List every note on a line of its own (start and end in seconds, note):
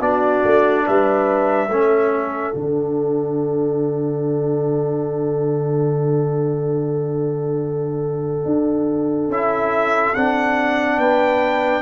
0.00 0.42 B3
0.00 1.70 D4
0.00 0.85 F#4
0.00 0.86 D5
0.44 0.86 A3
0.85 1.68 G3
0.85 1.69 B4
0.85 2.55 E5
1.68 2.53 A3
1.68 2.53 C#4
1.68 10.99 A4
2.53 8.45 D3
2.53 9.29 D4
2.53 9.31 F#5
8.45 9.28 D4
9.28 10.12 C#4
9.28 10.15 E4
9.28 10.15 E5
10.15 10.97 C4
10.15 11.82 D4
10.15 10.99 F#5
10.97 11.82 B3
10.97 11.82 B4
10.97 11.82 G5